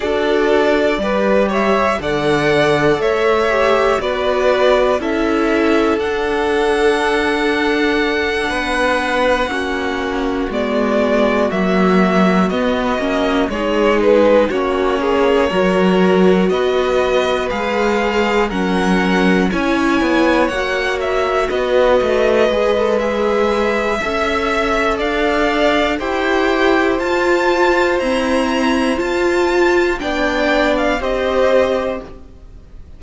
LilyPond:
<<
  \new Staff \with { instrumentName = "violin" } { \time 4/4 \tempo 4 = 60 d''4. e''8 fis''4 e''4 | d''4 e''4 fis''2~ | fis''2~ fis''8 d''4 e''8~ | e''8 dis''4 cis''8 b'8 cis''4.~ |
cis''8 dis''4 f''4 fis''4 gis''8~ | gis''8 fis''8 e''8 dis''4. e''4~ | e''4 f''4 g''4 a''4 | ais''4 a''4 g''8. f''16 dis''4 | }
  \new Staff \with { instrumentName = "violin" } { \time 4/4 a'4 b'8 cis''8 d''4 cis''4 | b'4 a'2.~ | a'8 b'4 fis'2~ fis'8~ | fis'4. gis'4 fis'8 gis'8 ais'8~ |
ais'8 b'2 ais'4 cis''8~ | cis''4. b'2~ b'8 | e''4 d''4 c''2~ | c''2 d''4 c''4 | }
  \new Staff \with { instrumentName = "viola" } { \time 4/4 fis'4 g'4 a'4. g'8 | fis'4 e'4 d'2~ | d'4. cis'4 b4 ais8~ | ais8 b8 cis'8 dis'4 cis'4 fis'8~ |
fis'4. gis'4 cis'4 e'8~ | e'8 fis'2 gis'16 a'16 gis'4 | a'2 g'4 f'4 | c'4 f'4 d'4 g'4 | }
  \new Staff \with { instrumentName = "cello" } { \time 4/4 d'4 g4 d4 a4 | b4 cis'4 d'2~ | d'8 b4 ais4 gis4 fis8~ | fis8 b8 ais8 gis4 ais4 fis8~ |
fis8 b4 gis4 fis4 cis'8 | b8 ais4 b8 a8 gis4. | cis'4 d'4 e'4 f'4 | e'4 f'4 b4 c'4 | }
>>